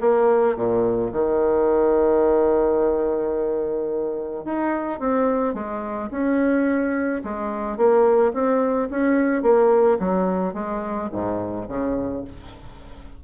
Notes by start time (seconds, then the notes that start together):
0.00 A#3
0.56 A#2
1.12 D#3
4.44 D#4
4.99 C4
5.54 G#3
6.11 C#4
7.23 G#3
7.77 A#3
8.33 C4
8.90 C#4
9.42 A#3
9.99 F#3
10.54 G#3
11.12 G#2
11.68 C#3